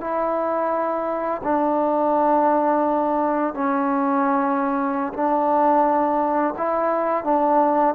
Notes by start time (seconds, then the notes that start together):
0.00 E4
1.43 D4
3.54 C#4
5.13 D4
6.57 E4
7.24 D4